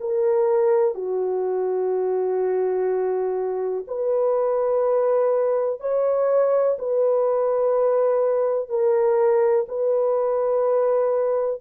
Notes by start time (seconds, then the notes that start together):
0.00 A#4
0.95 F#4
3.88 B4
5.80 C#5
6.79 B4
8.69 A#4
9.68 B4